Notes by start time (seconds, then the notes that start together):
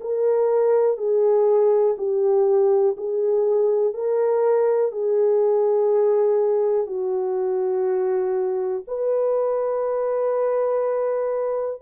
0.00 A#4
0.97 G#4
1.98 G4
2.96 G#4
3.93 A#4
4.91 G#4
6.86 F#4
8.87 B4